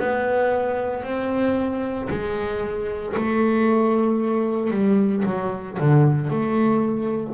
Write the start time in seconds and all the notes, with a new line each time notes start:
0.00 B3
1.03 C4
2.11 G#3
3.17 A3
4.71 G3
5.25 F#3
5.79 D3
6.30 A3